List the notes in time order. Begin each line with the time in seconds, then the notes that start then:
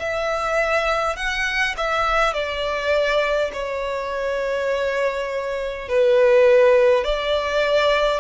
0.00 E5
1.17 F#5
1.77 E5
2.34 D5
3.53 C#5
5.89 B4
7.05 D5